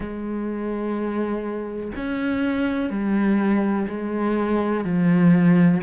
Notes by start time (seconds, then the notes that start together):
0.00 G#3
1.96 C#4
2.90 G3
3.87 G#3
4.84 F3